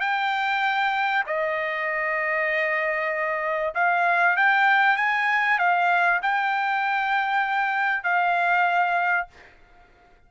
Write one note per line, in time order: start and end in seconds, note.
0.00 1.24 G5
1.27 3.74 D#5
3.75 4.36 F5
4.37 4.97 G5
4.97 5.58 G#5
5.58 6.20 F5
6.22 8.04 G5
8.04 9.27 F5